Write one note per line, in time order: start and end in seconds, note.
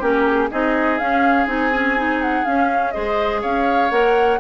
0.00 0.50 A#3
0.00 0.49 C#4
0.00 0.49 G4
0.00 0.26 A#4
0.26 0.51 G#4
0.51 1.00 C4
0.51 1.00 D#4
0.51 2.94 G#4
0.51 0.98 D#5
0.98 1.47 C#4
0.98 1.46 C#4
0.98 1.47 F5
1.46 2.44 C4
1.46 1.71 D#4
1.46 2.22 G#5
1.73 1.96 C#4
1.96 2.45 D#4
2.22 2.45 F#5
2.45 2.93 C#4
2.45 2.96 C#4
2.45 2.91 F5
2.91 3.44 G#3
2.91 3.91 G#4
2.91 3.41 C5
2.91 3.40 D#5
3.41 3.91 C#4
3.41 4.39 C#5
3.41 3.91 F5
3.91 4.40 A#3
3.91 4.40 A#4
3.91 4.40 F#5